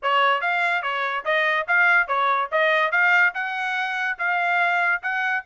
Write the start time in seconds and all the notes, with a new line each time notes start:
0.02 C#5
0.41 F5
0.82 C#5
1.25 D#5
1.67 F5
2.07 C#5
2.51 D#5
2.91 F5
3.34 F#5
4.18 F5
5.02 F#5